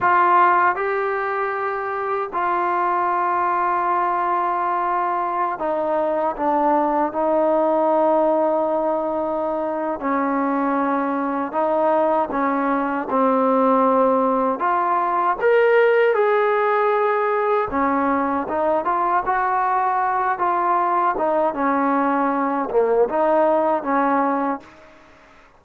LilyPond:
\new Staff \with { instrumentName = "trombone" } { \time 4/4 \tempo 4 = 78 f'4 g'2 f'4~ | f'2.~ f'16 dis'8.~ | dis'16 d'4 dis'2~ dis'8.~ | dis'4 cis'2 dis'4 |
cis'4 c'2 f'4 | ais'4 gis'2 cis'4 | dis'8 f'8 fis'4. f'4 dis'8 | cis'4. ais8 dis'4 cis'4 | }